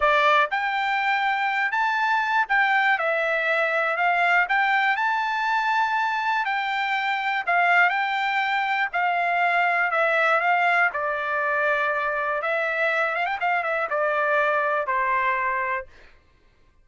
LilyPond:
\new Staff \with { instrumentName = "trumpet" } { \time 4/4 \tempo 4 = 121 d''4 g''2~ g''8 a''8~ | a''4 g''4 e''2 | f''4 g''4 a''2~ | a''4 g''2 f''4 |
g''2 f''2 | e''4 f''4 d''2~ | d''4 e''4. f''16 g''16 f''8 e''8 | d''2 c''2 | }